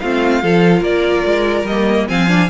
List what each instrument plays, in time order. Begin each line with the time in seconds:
0.00 cello A3, viola C4, violin F4 F5
0.42 cello F3, viola F4, violin A4
0.80 cello A#3, violin A#4 D5
1.25 cello G#3
1.63 cello G3, violin D#5
1.70 viola A#3
2.08 cello F3, viola C4, violin F5 G#5
2.28 viola D4